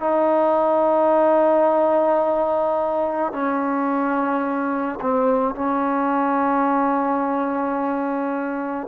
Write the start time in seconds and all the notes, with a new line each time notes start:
0.00 D#4
3.32 C#4
5.01 C4
5.55 C#4